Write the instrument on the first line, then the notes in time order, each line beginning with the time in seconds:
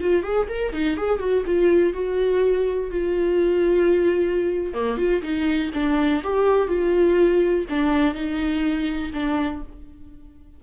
viola
0.00 F4
0.23 G#4
0.48 A#4
0.72 D#4
0.97 G#4
1.19 F#4
1.46 F4
1.93 F#4
2.90 F4
4.74 A#3
4.97 F4
5.22 D#4
5.73 D4
6.23 G4
6.67 F4
7.69 D4
8.14 D#4
9.13 D4